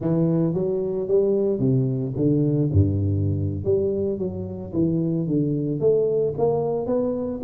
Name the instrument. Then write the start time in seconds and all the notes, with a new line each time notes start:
tuba
0.00 E3
0.53 F#3
1.08 G3
1.59 C3
2.16 D3
2.72 G2
3.64 G3
4.18 F#3
4.73 E3
5.27 D3
5.80 A3
6.37 A#3
6.86 B3